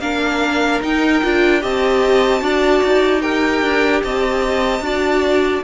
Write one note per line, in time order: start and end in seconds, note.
0.00 0.80 A#3
0.00 0.82 D4
0.00 1.62 A#4
0.00 0.81 F5
0.82 1.22 D#4
0.82 1.23 D#4
0.82 1.64 G5
1.23 1.64 D4
1.23 1.61 F4
1.61 2.42 C4
1.61 2.40 G4
1.61 2.42 D#5
1.61 3.22 A5
2.40 2.82 D4
2.40 3.20 F#4
2.40 3.22 D5
2.83 3.62 D#4
3.22 4.82 G4
3.22 4.02 A#4
3.22 4.02 G5
3.62 4.02 D4
4.03 4.81 C4
4.03 4.84 D#5
4.03 5.63 A5
4.81 5.61 D4
4.81 5.63 F#4
4.81 5.64 D5